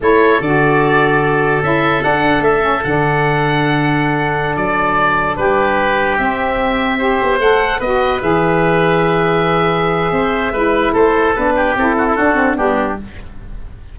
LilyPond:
<<
  \new Staff \with { instrumentName = "oboe" } { \time 4/4 \tempo 4 = 148 cis''4 d''2. | e''4 fis''4 e''4 fis''4~ | fis''2.~ fis''16 d''8.~ | d''4~ d''16 b'2 e''8.~ |
e''2~ e''16 fis''4 dis''8.~ | dis''16 e''2.~ e''8.~ | e''2. c''4 | b'4 a'2 g'4 | }
  \new Staff \with { instrumentName = "oboe" } { \time 4/4 a'1~ | a'1~ | a'1~ | a'4~ a'16 g'2~ g'8.~ |
g'4~ g'16 c''2 b'8.~ | b'1~ | b'4 c''4 b'4 a'4~ | a'8 g'4 fis'16 e'16 fis'4 d'4 | }
  \new Staff \with { instrumentName = "saxophone" } { \time 4/4 e'4 fis'2. | e'4 d'4. cis'8 d'4~ | d'1~ | d'2.~ d'16 c'8.~ |
c'4~ c'16 g'4 a'4 fis'8.~ | fis'16 gis'2.~ gis'8.~ | gis'2 e'2 | d'4 e'4 d'8 c'8 b4 | }
  \new Staff \with { instrumentName = "tuba" } { \time 4/4 a4 d2. | cis'4 d'4 a4 d4~ | d2.~ d16 fis8.~ | fis4~ fis16 g2 c'8.~ |
c'4.~ c'16 b8 a4 b8.~ | b16 e2.~ e8.~ | e4 c'4 gis4 a4 | b4 c'4 d'4 g4 | }
>>